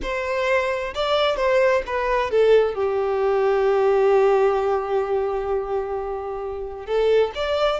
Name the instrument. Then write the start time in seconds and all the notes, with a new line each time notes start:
violin
0.02 C5
0.94 D5
1.36 C5
1.86 B4
2.30 A4
2.74 G4
6.86 A4
7.34 D5